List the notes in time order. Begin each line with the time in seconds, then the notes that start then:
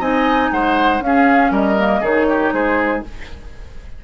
0.00 C4 D#4 D#5 G#5
0.51 G#3 C5 F#5
1.01 C#4 G#4 F5
1.51 G3 A#4 D#5
1.78 A#3
2.01 D#3 D#4 G#4 C#5
2.30 G4
2.53 G#3 G#4 C5